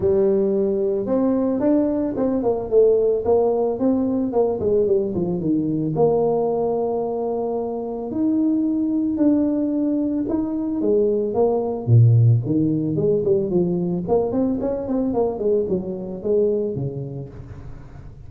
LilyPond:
\new Staff \with { instrumentName = "tuba" } { \time 4/4 \tempo 4 = 111 g2 c'4 d'4 | c'8 ais8 a4 ais4 c'4 | ais8 gis8 g8 f8 dis4 ais4~ | ais2. dis'4~ |
dis'4 d'2 dis'4 | gis4 ais4 ais,4 dis4 | gis8 g8 f4 ais8 c'8 cis'8 c'8 | ais8 gis8 fis4 gis4 cis4 | }